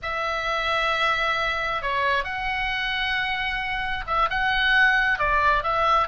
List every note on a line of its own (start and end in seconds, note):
0.02 1.82 E5
1.82 2.24 C#5
2.24 4.04 F#5
4.06 4.29 E5
4.29 5.18 F#5
5.18 5.63 D5
5.63 6.07 E5